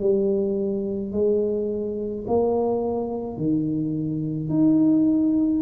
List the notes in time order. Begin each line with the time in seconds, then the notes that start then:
0.00 G3
1.12 G#3
2.27 A#3
3.37 D#3
4.49 D#4